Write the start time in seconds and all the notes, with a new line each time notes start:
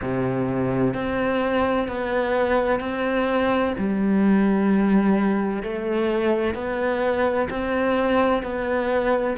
0.01 C3
0.94 C4
1.87 B3
2.80 C4
3.78 G3
5.62 A3
6.54 B3
7.49 C4
8.42 B3